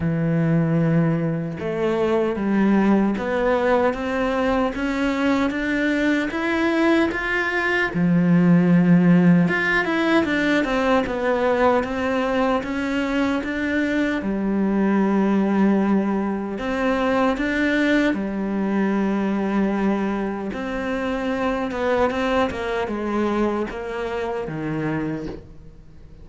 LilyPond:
\new Staff \with { instrumentName = "cello" } { \time 4/4 \tempo 4 = 76 e2 a4 g4 | b4 c'4 cis'4 d'4 | e'4 f'4 f2 | f'8 e'8 d'8 c'8 b4 c'4 |
cis'4 d'4 g2~ | g4 c'4 d'4 g4~ | g2 c'4. b8 | c'8 ais8 gis4 ais4 dis4 | }